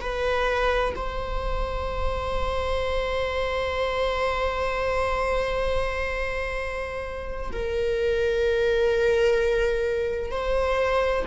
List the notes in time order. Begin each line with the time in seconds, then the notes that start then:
0.00 B4
0.95 C5
7.52 A#4
10.31 C5